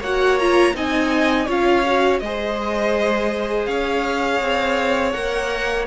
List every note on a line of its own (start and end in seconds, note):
0.00 0.73 A#3
0.00 0.40 F#4
0.00 0.73 C#5
0.00 0.39 F#5
0.39 0.73 F4
0.39 0.75 A#5
0.73 1.48 C4
0.73 1.46 D#4
0.73 1.46 D#5
0.73 1.49 G#5
1.46 2.21 C#4
1.46 1.84 F4
1.46 2.19 C#5
1.46 2.19 F5
1.86 2.22 F#4
2.19 3.67 G#3
2.19 5.13 G#4
2.19 3.69 C5
2.19 3.65 D#5
3.65 4.40 C#4
3.65 5.87 C#5
3.65 5.12 F5
4.41 5.14 C4
5.12 5.87 A#3
5.12 5.86 A#4
5.12 5.85 F#5